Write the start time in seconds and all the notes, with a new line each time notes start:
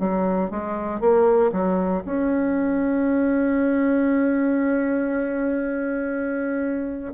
0.00 F#3
0.51 G#3
1.01 A#3
1.53 F#3
2.06 C#4